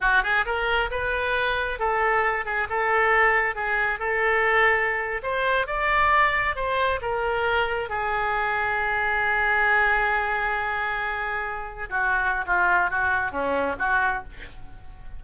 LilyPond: \new Staff \with { instrumentName = "oboe" } { \time 4/4 \tempo 4 = 135 fis'8 gis'8 ais'4 b'2 | a'4. gis'8 a'2 | gis'4 a'2~ a'8. c''16~ | c''8. d''2 c''4 ais'16~ |
ais'4.~ ais'16 gis'2~ gis'16~ | gis'1~ | gis'2~ gis'8. fis'4~ fis'16 | f'4 fis'4 cis'4 fis'4 | }